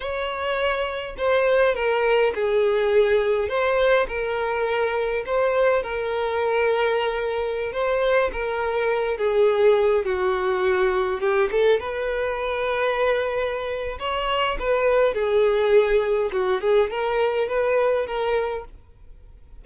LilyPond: \new Staff \with { instrumentName = "violin" } { \time 4/4 \tempo 4 = 103 cis''2 c''4 ais'4 | gis'2 c''4 ais'4~ | ais'4 c''4 ais'2~ | ais'4~ ais'16 c''4 ais'4. gis'16~ |
gis'4~ gis'16 fis'2 g'8 a'16~ | a'16 b'2.~ b'8. | cis''4 b'4 gis'2 | fis'8 gis'8 ais'4 b'4 ais'4 | }